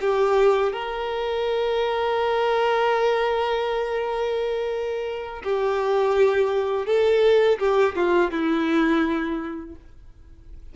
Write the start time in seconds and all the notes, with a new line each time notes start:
0.00 G4
0.72 A#4
5.43 G4
6.86 A4
7.59 G4
7.95 F4
8.31 E4